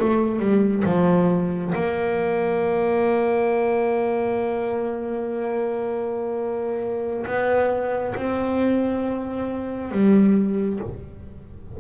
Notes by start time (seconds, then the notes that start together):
0.00 A3
0.40 G3
0.85 F3
1.75 A#3
7.26 B3
8.16 C4
9.91 G3